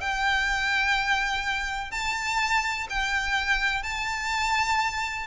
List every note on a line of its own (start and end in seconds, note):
0.00 1.91 G5
1.91 2.87 A5
2.89 3.82 G5
3.82 5.26 A5